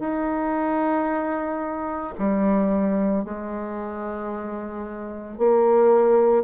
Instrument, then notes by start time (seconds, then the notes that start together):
bassoon
0.00 D#4
2.19 G3
3.25 G#3
5.38 A#3